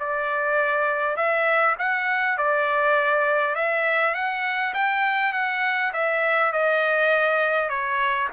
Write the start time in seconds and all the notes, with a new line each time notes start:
0.00 D5
1.17 E5
1.79 F#5
2.38 D5
3.56 E5
4.15 F#5
4.75 G5
5.33 F#5
5.94 E5
6.53 D#5
7.70 C#5